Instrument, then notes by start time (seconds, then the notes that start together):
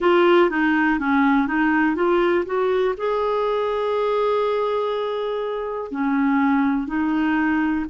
clarinet
0.00 F4
0.50 D#4
0.99 C#4
1.47 D#4
1.95 F4
2.45 F#4
2.97 G#4
5.91 C#4
6.87 D#4